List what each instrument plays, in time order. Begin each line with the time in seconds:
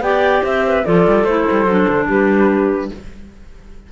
0.00 cello B3, clarinet G4 D5, flute G5
0.43 cello C4, clarinet C5, flute E5
0.66 clarinet B4
0.85 cello F3, clarinet F4 A4, flute D5
1.07 cello G3
1.23 cello A3, clarinet E4, flute C5
1.50 cello G3
1.65 cello F#3, clarinet D4
1.88 cello D3
2.07 cello G3, clarinet G4, flute B4